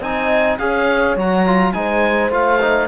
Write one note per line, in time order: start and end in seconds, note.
0.00 0.58 C4
0.00 0.59 D#4
0.00 0.58 D#5
0.00 0.58 G#5
0.58 1.16 C#4
0.58 1.17 G#4
0.58 1.75 C#5
0.58 1.16 F5
1.16 1.73 F#3
1.16 1.46 F#4
1.16 1.73 A#5
1.46 1.74 F4
1.73 2.30 G#3
1.73 2.31 D#4
1.73 2.88 C5
1.73 2.31 G#5
2.30 2.88 A3
2.30 2.59 F4
2.30 2.88 F5
2.61 2.88 D#4